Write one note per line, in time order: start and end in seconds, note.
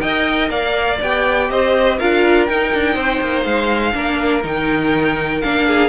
0.00 0.51 D#4
0.00 1.00 A#4
0.00 0.51 D#5
0.00 0.49 G5
0.50 1.00 A#3
0.50 1.49 D5
0.50 1.00 F5
1.02 1.51 B3
1.02 2.00 G4
1.02 1.51 G5
1.51 2.00 C4
1.51 1.99 C5
1.51 1.99 D#5
1.99 2.50 D4
1.99 2.49 F4
1.99 2.95 A#4
1.99 2.46 F5
2.46 3.93 D#4
2.46 2.74 D#4
2.46 3.44 G5
2.75 2.96 D4
2.95 3.21 C4
2.95 3.93 C5
3.21 3.45 A#3
3.44 3.95 G#3
3.44 4.43 F5
3.93 4.44 A#3
3.93 4.42 D4
3.93 5.67 A#4
4.44 5.43 D#3
4.44 5.42 D#4
4.44 5.41 G5
5.41 5.90 A#3
5.41 5.90 D4
5.41 5.90 F5
5.67 5.90 G#4